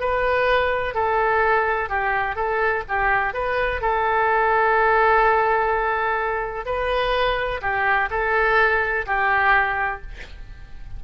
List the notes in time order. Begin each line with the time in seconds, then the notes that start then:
0.00 B4
0.94 A4
1.89 G4
2.35 A4
2.88 G4
3.34 B4
3.81 A4
6.66 B4
7.61 G4
8.10 A4
9.06 G4